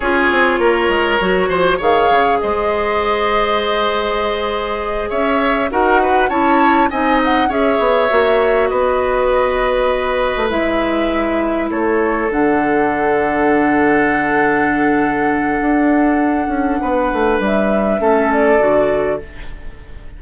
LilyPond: <<
  \new Staff \with { instrumentName = "flute" } { \time 4/4 \tempo 4 = 100 cis''2. f''4 | dis''1~ | dis''8 e''4 fis''4 a''4 gis''8 | fis''8 e''2 dis''4.~ |
dis''4. e''2 cis''8~ | cis''8 fis''2.~ fis''8~ | fis''1~ | fis''4 e''4. d''4. | }
  \new Staff \with { instrumentName = "oboe" } { \time 4/4 gis'4 ais'4. c''8 cis''4 | c''1~ | c''8 cis''4 ais'8 b'8 cis''4 dis''8~ | dis''8 cis''2 b'4.~ |
b'2.~ b'8 a'8~ | a'1~ | a'1 | b'2 a'2 | }
  \new Staff \with { instrumentName = "clarinet" } { \time 4/4 f'2 fis'4 gis'4~ | gis'1~ | gis'4. fis'4 e'4 dis'8~ | dis'8 gis'4 fis'2~ fis'8~ |
fis'4. e'2~ e'8~ | e'8 d'2.~ d'8~ | d'1~ | d'2 cis'4 fis'4 | }
  \new Staff \with { instrumentName = "bassoon" } { \time 4/4 cis'8 c'8 ais8 gis8 fis8 f8 dis8 cis8 | gis1~ | gis8 cis'4 dis'4 cis'4 c'8~ | c'8 cis'8 b8 ais4 b4.~ |
b4~ b16 a16 gis2 a8~ | a8 d2.~ d8~ | d2 d'4. cis'8 | b8 a8 g4 a4 d4 | }
>>